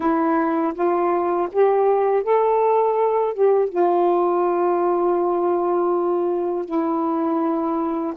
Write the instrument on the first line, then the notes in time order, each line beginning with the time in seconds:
saxophone
0.00 E4
0.74 F4
1.52 G4
2.23 A4
3.33 G4
3.69 F4
6.65 E4